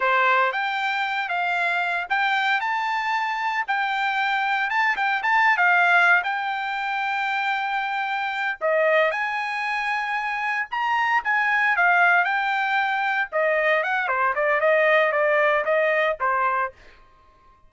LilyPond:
\new Staff \with { instrumentName = "trumpet" } { \time 4/4 \tempo 4 = 115 c''4 g''4. f''4. | g''4 a''2 g''4~ | g''4 a''8 g''8 a''8. f''4~ f''16 | g''1~ |
g''8 dis''4 gis''2~ gis''8~ | gis''8 ais''4 gis''4 f''4 g''8~ | g''4. dis''4 fis''8 c''8 d''8 | dis''4 d''4 dis''4 c''4 | }